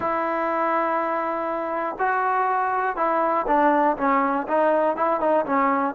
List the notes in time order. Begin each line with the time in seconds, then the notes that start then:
0.00 E4
1.98 F#4
2.96 E4
3.47 D4
3.97 C#4
4.47 D#4
4.96 E4
5.20 D#4
5.45 C#4